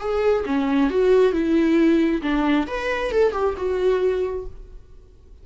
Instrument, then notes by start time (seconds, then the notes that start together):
viola
0.00 G#4
0.45 C#4
0.90 F#4
1.32 E4
2.22 D4
2.67 B4
3.11 A4
3.32 G4
3.56 F#4